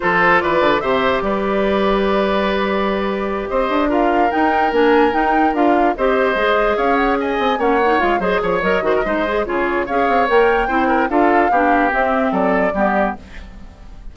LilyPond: <<
  \new Staff \with { instrumentName = "flute" } { \time 4/4 \tempo 4 = 146 c''4 d''4 e''4 d''4~ | d''1~ | d''8 dis''4 f''4 g''4 gis''8~ | gis''8 g''4 f''4 dis''4.~ |
dis''8 f''8 fis''8 gis''4 fis''4 f''8 | dis''8 cis''8 dis''2 cis''4 | f''4 g''2 f''4~ | f''4 e''4 d''2 | }
  \new Staff \with { instrumentName = "oboe" } { \time 4/4 a'4 b'4 c''4 b'4~ | b'1~ | b'8 c''4 ais'2~ ais'8~ | ais'2~ ais'8 c''4.~ |
c''8 cis''4 dis''4 cis''4. | c''8 cis''4 c''16 ais'16 c''4 gis'4 | cis''2 c''8 ais'8 a'4 | g'2 a'4 g'4 | }
  \new Staff \with { instrumentName = "clarinet" } { \time 4/4 f'2 g'2~ | g'1~ | g'4. f'4 dis'4 d'8~ | d'8 dis'4 f'4 g'4 gis'8~ |
gis'2~ gis'8 cis'8 dis'8 f'8 | gis'4 ais'8 fis'8 dis'8 gis'8 f'4 | gis'4 ais'4 e'4 f'4 | d'4 c'2 b4 | }
  \new Staff \with { instrumentName = "bassoon" } { \time 4/4 f4 e8 d8 c4 g4~ | g1~ | g8 c'8 d'4. dis'4 ais8~ | ais8 dis'4 d'4 c'4 gis8~ |
gis8 cis'4. c'8 ais4 gis8 | fis8 f8 fis8 dis8 gis4 cis4 | cis'8 c'8 ais4 c'4 d'4 | b4 c'4 fis4 g4 | }
>>